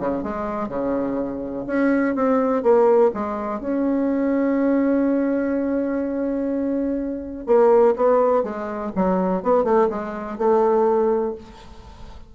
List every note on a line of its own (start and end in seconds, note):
0.00 0.24 C#3
0.24 0.69 G#3
0.69 1.66 C#3
1.67 2.16 C#4
2.16 2.63 C4
2.63 3.12 A#3
3.14 3.61 G#3
3.61 7.47 C#4
7.47 7.95 A#3
7.96 8.43 B3
8.43 8.92 G#3
8.96 9.43 F#3
9.43 9.64 B3
9.64 9.89 A3
9.90 10.38 G#3
10.38 11.35 A3